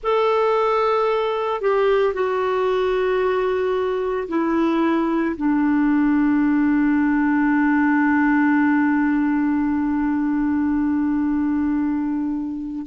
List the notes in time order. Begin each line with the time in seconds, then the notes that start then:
0.03 A4
1.61 G4
2.13 F#4
4.28 E4
5.36 D4